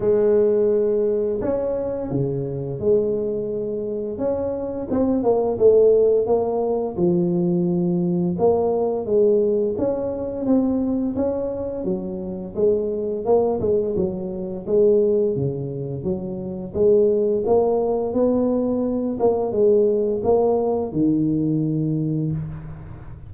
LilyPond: \new Staff \with { instrumentName = "tuba" } { \time 4/4 \tempo 4 = 86 gis2 cis'4 cis4 | gis2 cis'4 c'8 ais8 | a4 ais4 f2 | ais4 gis4 cis'4 c'4 |
cis'4 fis4 gis4 ais8 gis8 | fis4 gis4 cis4 fis4 | gis4 ais4 b4. ais8 | gis4 ais4 dis2 | }